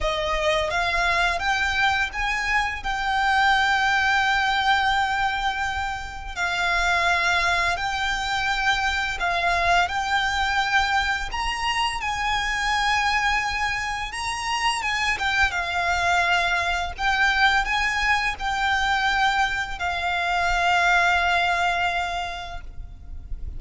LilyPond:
\new Staff \with { instrumentName = "violin" } { \time 4/4 \tempo 4 = 85 dis''4 f''4 g''4 gis''4 | g''1~ | g''4 f''2 g''4~ | g''4 f''4 g''2 |
ais''4 gis''2. | ais''4 gis''8 g''8 f''2 | g''4 gis''4 g''2 | f''1 | }